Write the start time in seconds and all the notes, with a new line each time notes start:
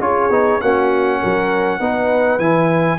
0.00 C#4 F4 G#4 C#5
0.30 B3 D#4
0.61 A#3 C#4 F#4 F#5
1.19 F#3 A#4
1.80 B3 D#4 B4
2.39 E3 E4 G#5